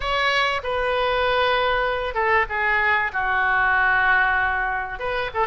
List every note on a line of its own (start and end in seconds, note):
0.00 0.61 C#5
0.63 2.14 B4
2.14 2.45 A4
2.49 3.11 G#4
3.12 4.99 F#4
4.99 5.30 B4
5.34 5.47 A4